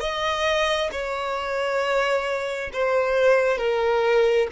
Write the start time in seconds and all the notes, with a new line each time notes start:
0.00 D#5
0.92 C#5
2.73 C5
3.58 A#4